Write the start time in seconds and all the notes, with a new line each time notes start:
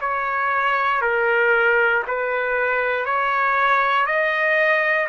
0.00 C#5
1.01 A#4
2.07 B4
3.05 C#5
4.06 D#5